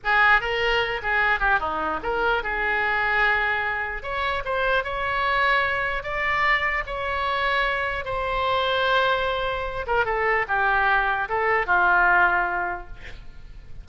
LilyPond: \new Staff \with { instrumentName = "oboe" } { \time 4/4 \tempo 4 = 149 gis'4 ais'4. gis'4 g'8 | dis'4 ais'4 gis'2~ | gis'2 cis''4 c''4 | cis''2. d''4~ |
d''4 cis''2. | c''1~ | c''8 ais'8 a'4 g'2 | a'4 f'2. | }